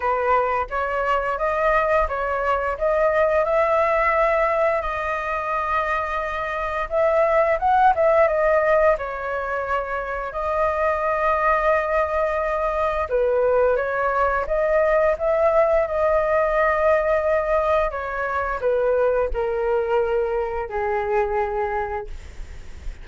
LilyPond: \new Staff \with { instrumentName = "flute" } { \time 4/4 \tempo 4 = 87 b'4 cis''4 dis''4 cis''4 | dis''4 e''2 dis''4~ | dis''2 e''4 fis''8 e''8 | dis''4 cis''2 dis''4~ |
dis''2. b'4 | cis''4 dis''4 e''4 dis''4~ | dis''2 cis''4 b'4 | ais'2 gis'2 | }